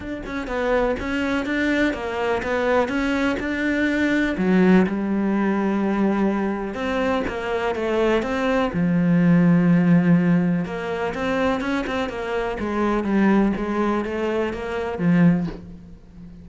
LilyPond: \new Staff \with { instrumentName = "cello" } { \time 4/4 \tempo 4 = 124 d'8 cis'8 b4 cis'4 d'4 | ais4 b4 cis'4 d'4~ | d'4 fis4 g2~ | g2 c'4 ais4 |
a4 c'4 f2~ | f2 ais4 c'4 | cis'8 c'8 ais4 gis4 g4 | gis4 a4 ais4 f4 | }